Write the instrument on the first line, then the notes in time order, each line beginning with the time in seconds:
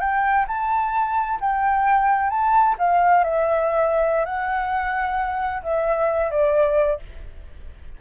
flute
0.00 G5
0.48 A5
1.41 G5
2.30 A5
2.79 F5
3.24 E5
4.25 F#5
5.63 E5
6.31 D5